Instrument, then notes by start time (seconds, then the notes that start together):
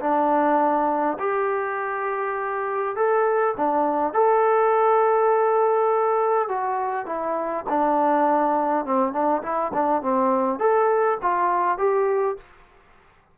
trombone
0.00 D4
1.20 G4
2.96 A4
3.57 D4
4.14 A4
6.49 F#4
7.06 E4
7.69 D4
8.86 C4
9.13 D4
9.43 E4
9.74 D4
10.02 C4
10.59 A4
11.22 F4
11.78 G4